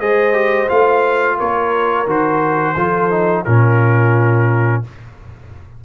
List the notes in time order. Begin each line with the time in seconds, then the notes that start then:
0.00 G#3 G#4 C5 D#5
0.33 G4
0.68 A3 F4 F5
1.37 A#3 A#4 C#5
2.07 D#3 F#4 C5
2.76 F3 F4 A4
3.11 D#4
3.45 A#2 C#4 F4 A#4